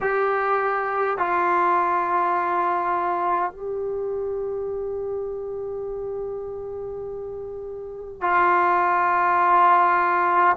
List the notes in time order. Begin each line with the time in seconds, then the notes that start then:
0.00 G4
1.18 F4
3.52 G4
8.21 F4